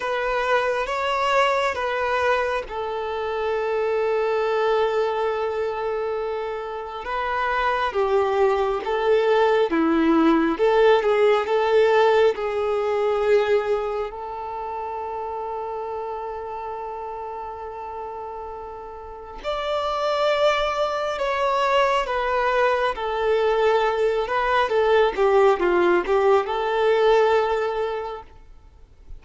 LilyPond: \new Staff \with { instrumentName = "violin" } { \time 4/4 \tempo 4 = 68 b'4 cis''4 b'4 a'4~ | a'1 | b'4 g'4 a'4 e'4 | a'8 gis'8 a'4 gis'2 |
a'1~ | a'2 d''2 | cis''4 b'4 a'4. b'8 | a'8 g'8 f'8 g'8 a'2 | }